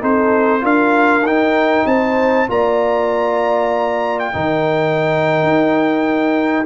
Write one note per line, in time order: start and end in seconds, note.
0.00 0.63 C4
0.00 0.60 D#4
0.00 0.63 A4
0.00 0.65 C5
0.60 1.22 D4
0.60 1.22 F4
0.60 1.86 A#4
0.60 1.26 F5
1.22 1.84 D#4
1.22 2.47 D#4
1.22 1.86 G5
1.85 2.47 C4
1.85 2.49 C5
1.85 2.48 A5
2.47 4.34 A#3
2.47 4.33 F4
2.47 4.36 D5
2.47 4.19 A#5
4.19 6.66 G5
4.33 5.42 D#3
4.33 6.65 D#4
4.33 6.66 A#4
5.42 6.66 D#4